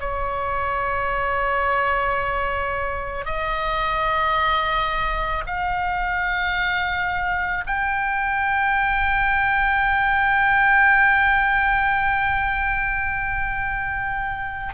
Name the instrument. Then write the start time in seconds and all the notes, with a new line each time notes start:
oboe
0.00 C#5
3.25 D#5
5.46 F5
7.67 G5